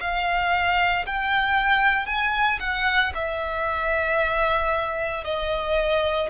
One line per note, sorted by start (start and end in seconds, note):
0.00 1.05 F5
1.06 2.06 G5
2.06 2.59 G#5
2.60 3.12 F#5
3.14 5.24 E5
5.24 6.29 D#5